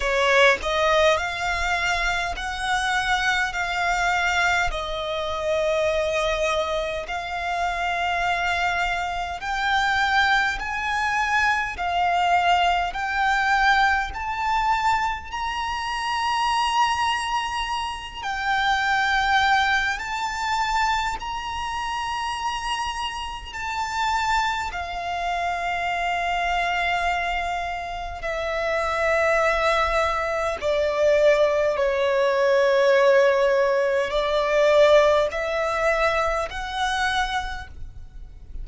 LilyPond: \new Staff \with { instrumentName = "violin" } { \time 4/4 \tempo 4 = 51 cis''8 dis''8 f''4 fis''4 f''4 | dis''2 f''2 | g''4 gis''4 f''4 g''4 | a''4 ais''2~ ais''8 g''8~ |
g''4 a''4 ais''2 | a''4 f''2. | e''2 d''4 cis''4~ | cis''4 d''4 e''4 fis''4 | }